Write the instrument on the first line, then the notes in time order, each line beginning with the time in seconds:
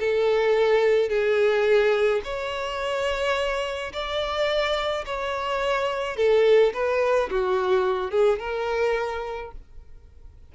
violin
0.00 A4
1.10 G#4
2.25 C#5
3.93 D5
5.06 C#5
6.17 A4
6.74 B4
7.31 F#4
8.12 G#4
8.40 A#4